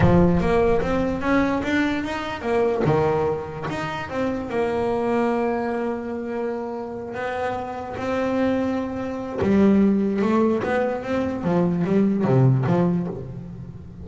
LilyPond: \new Staff \with { instrumentName = "double bass" } { \time 4/4 \tempo 4 = 147 f4 ais4 c'4 cis'4 | d'4 dis'4 ais4 dis4~ | dis4 dis'4 c'4 ais4~ | ais1~ |
ais4. b2 c'8~ | c'2. g4~ | g4 a4 b4 c'4 | f4 g4 c4 f4 | }